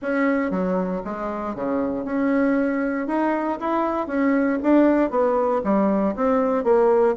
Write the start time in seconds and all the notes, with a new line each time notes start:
0.01 C#4
0.50 F#3
1.04 G#3
1.55 C#3
2.05 C#4
3.07 D#4
3.59 E4
4.07 C#4
4.62 D4
5.10 B3
5.63 G3
6.15 C4
6.64 A#3